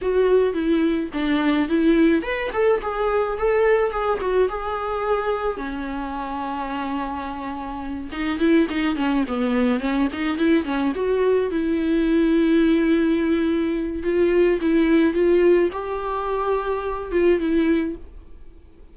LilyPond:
\new Staff \with { instrumentName = "viola" } { \time 4/4 \tempo 4 = 107 fis'4 e'4 d'4 e'4 | b'8 a'8 gis'4 a'4 gis'8 fis'8 | gis'2 cis'2~ | cis'2~ cis'8 dis'8 e'8 dis'8 |
cis'8 b4 cis'8 dis'8 e'8 cis'8 fis'8~ | fis'8 e'2.~ e'8~ | e'4 f'4 e'4 f'4 | g'2~ g'8 f'8 e'4 | }